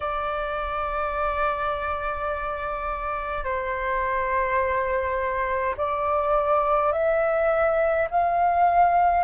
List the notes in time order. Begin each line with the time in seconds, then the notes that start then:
0.00 D5
3.44 C5
5.77 D5
6.92 E5
8.10 F5